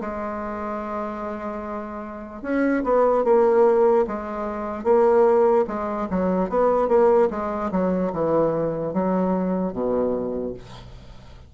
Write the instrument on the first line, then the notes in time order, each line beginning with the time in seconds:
bassoon
0.00 G#3
2.42 C#4
2.83 B3
3.24 A#3
4.07 G#3
4.84 A#3
5.67 G#3
6.10 F#3
6.49 B3
6.88 A#3
7.30 G#3
7.71 F#3
8.12 E3
8.93 F#3
9.73 B2